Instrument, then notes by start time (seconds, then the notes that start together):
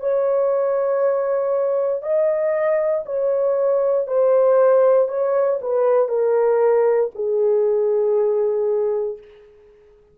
horn
0.00 C#5
2.02 D#5
3.06 C#5
4.07 C5
5.08 C#5
5.62 B4
6.09 A#4
7.15 G#4